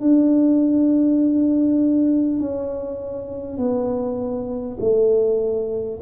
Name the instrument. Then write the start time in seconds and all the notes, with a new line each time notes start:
tuba
0.00 D4
2.39 C#4
3.57 B3
4.80 A3